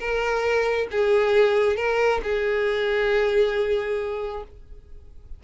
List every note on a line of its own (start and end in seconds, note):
0.00 0.88 A#4
0.92 1.77 G#4
1.77 2.21 A#4
2.23 4.44 G#4